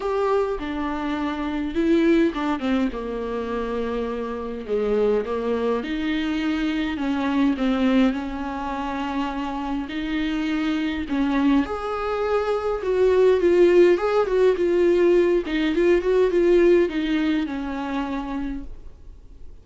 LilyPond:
\new Staff \with { instrumentName = "viola" } { \time 4/4 \tempo 4 = 103 g'4 d'2 e'4 | d'8 c'8 ais2. | gis4 ais4 dis'2 | cis'4 c'4 cis'2~ |
cis'4 dis'2 cis'4 | gis'2 fis'4 f'4 | gis'8 fis'8 f'4. dis'8 f'8 fis'8 | f'4 dis'4 cis'2 | }